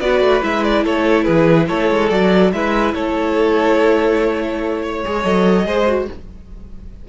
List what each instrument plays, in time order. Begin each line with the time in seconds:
0.00 cello B3, viola F#4, violin B4 D5
0.21 cello A3
0.42 cello G#3, viola E4, violin E5
0.64 violin D5
0.84 cello A3, violin A4 C#5
1.24 cello E3, violin G#4 B4
1.68 cello A3, violin A4 C#5
1.91 cello G#3
2.09 cello F#3, viola F#4, violin D5
2.52 cello G#3, viola E4, violin B4 E5
2.94 cello A3, violin A4 C#5
4.83 violin C#5
5.05 cello G#3, viola G#4
5.23 cello F#3, viola A4, violin D#5
5.65 cello G#3, viola G#4, violin C5
5.87 viola F#4